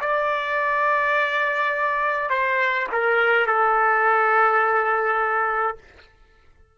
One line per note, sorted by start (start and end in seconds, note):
0.00 2.30 D5
2.30 2.87 C5
2.92 3.46 A#4
3.46 5.77 A4